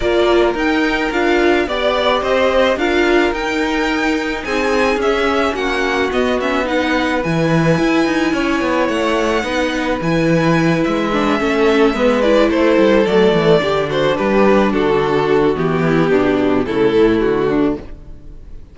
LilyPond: <<
  \new Staff \with { instrumentName = "violin" } { \time 4/4 \tempo 4 = 108 d''4 g''4 f''4 d''4 | dis''4 f''4 g''2 | gis''4 e''4 fis''4 dis''8 e''8 | fis''4 gis''2. |
fis''2 gis''4. e''8~ | e''2 d''8 c''4 d''8~ | d''4 c''8 b'4 a'4. | g'2 a'4 fis'4 | }
  \new Staff \with { instrumentName = "violin" } { \time 4/4 ais'2. d''4 | c''4 ais'2. | gis'2 fis'2 | b'2. cis''4~ |
cis''4 b'2.~ | b'8 a'4 b'4 a'4.~ | a'8 g'8 fis'8 g'4 fis'4.~ | fis'8 e'8 d'4 e'4. d'8 | }
  \new Staff \with { instrumentName = "viola" } { \time 4/4 f'4 dis'4 f'4 g'4~ | g'4 f'4 dis'2~ | dis'4 cis'2 b8 cis'8 | dis'4 e'2.~ |
e'4 dis'4 e'2 | d'8 cis'4 b8 e'4. a8~ | a8 d'2.~ d'8 | b2 a2 | }
  \new Staff \with { instrumentName = "cello" } { \time 4/4 ais4 dis'4 d'4 b4 | c'4 d'4 dis'2 | c'4 cis'4 ais4 b4~ | b4 e4 e'8 dis'8 cis'8 b8 |
a4 b4 e4. gis8~ | gis8 a4 gis4 a8 g8 fis8 | e8 d4 g4 d4. | e4 b,4 cis8 a,8 d4 | }
>>